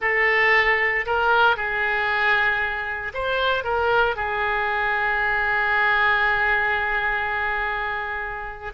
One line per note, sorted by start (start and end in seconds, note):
0.01 1.05 A4
1.06 1.56 A#4
1.56 3.13 G#4
3.14 3.64 C5
3.64 4.16 A#4
4.16 8.72 G#4